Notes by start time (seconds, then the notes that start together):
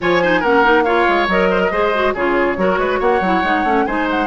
0.00 F3 F4 C#5 G#5
0.22 D#4 C5
0.39 A#3 C#4 A#4 F#5
0.64 D#4
0.83 F4 C#5 F5
1.08 G#3
1.27 F#3 A#4 D#5
1.50 C5
1.61 A#4
1.71 G#3 G#4 C5
1.93 F#4
2.14 C#3 F4 G#4 C#5
2.57 F#3 F#4 A#4
2.78 G#3 B4
2.99 A#3 C#5 F#5
3.20 F#3 E4
3.43 G#3 D#4
3.63 A3 C#4
3.85 G#3 D#4 C5 G#5
4.10 F#5